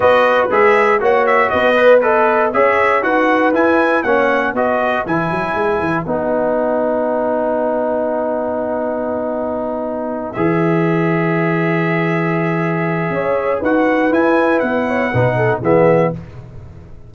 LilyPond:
<<
  \new Staff \with { instrumentName = "trumpet" } { \time 4/4 \tempo 4 = 119 dis''4 e''4 fis''8 e''8 dis''4 | b'4 e''4 fis''4 gis''4 | fis''4 dis''4 gis''2 | fis''1~ |
fis''1~ | fis''8 e''2.~ e''8~ | e''2. fis''4 | gis''4 fis''2 e''4 | }
  \new Staff \with { instrumentName = "horn" } { \time 4/4 b'2 cis''4 b'4 | dis''4 cis''4 b'2 | cis''4 b'2.~ | b'1~ |
b'1~ | b'1~ | b'2 cis''4 b'4~ | b'4. cis''8 b'8 a'8 gis'4 | }
  \new Staff \with { instrumentName = "trombone" } { \time 4/4 fis'4 gis'4 fis'4. b'8 | a'4 gis'4 fis'4 e'4 | cis'4 fis'4 e'2 | dis'1~ |
dis'1~ | dis'8 gis'2.~ gis'8~ | gis'2. fis'4 | e'2 dis'4 b4 | }
  \new Staff \with { instrumentName = "tuba" } { \time 4/4 b4 gis4 ais4 b4~ | b4 cis'4 dis'4 e'4 | ais4 b4 e8 fis8 gis8 e8 | b1~ |
b1~ | b8 e2.~ e8~ | e2 cis'4 dis'4 | e'4 b4 b,4 e4 | }
>>